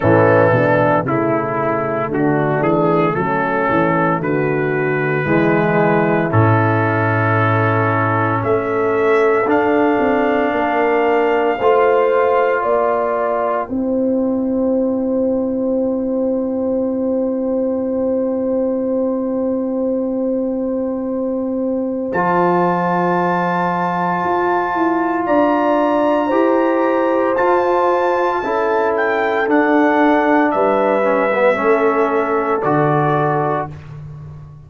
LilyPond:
<<
  \new Staff \with { instrumentName = "trumpet" } { \time 4/4 \tempo 4 = 57 a'4 e'4 fis'8 gis'8 a'4 | b'2 a'2 | e''4 f''2. | g''1~ |
g''1~ | g''4 a''2. | ais''2 a''4. g''8 | fis''4 e''2 d''4 | }
  \new Staff \with { instrumentName = "horn" } { \time 4/4 cis'8 d'8 e'4 d'4 cis'4 | fis'4 e'2. | a'2 ais'4 c''4 | d''4 c''2.~ |
c''1~ | c''1 | d''4 c''2 a'4~ | a'4 b'4 a'2 | }
  \new Staff \with { instrumentName = "trombone" } { \time 4/4 e4 a2.~ | a4 gis4 cis'2~ | cis'4 d'2 f'4~ | f'4 e'2.~ |
e'1~ | e'4 f'2.~ | f'4 g'4 f'4 e'4 | d'4. cis'16 b16 cis'4 fis'4 | }
  \new Staff \with { instrumentName = "tuba" } { \time 4/4 a,8 b,8 cis4 d8 e8 fis8 e8 | d4 e4 a,2 | a4 d'8 c'8 ais4 a4 | ais4 c'2.~ |
c'1~ | c'4 f2 f'8 e'8 | d'4 e'4 f'4 cis'4 | d'4 g4 a4 d4 | }
>>